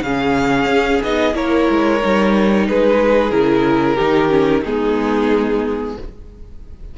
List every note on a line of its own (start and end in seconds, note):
0.00 0.65 C#3
0.00 1.03 C#4
0.00 1.35 G#4
0.00 1.01 F5
0.65 0.98 C#4
1.02 1.34 B3
1.02 1.33 D#4
1.02 1.35 D#5
1.33 1.67 A#3
1.33 1.99 E4
1.33 2.67 A#4
1.33 2.66 C#5
1.70 2.03 G#3
2.02 2.68 G3
2.02 3.30 D#4
2.68 3.31 G#3
2.68 3.95 G#4
2.68 3.30 B4
3.30 3.97 C#3
3.30 3.96 E4
3.30 4.62 A#4
3.95 4.65 D#3
3.95 4.29 D#4
3.95 4.61 G4
4.29 4.62 C#4
4.62 5.97 G#3
4.62 5.97 B3
4.62 5.94 D#4
4.62 5.96 G#4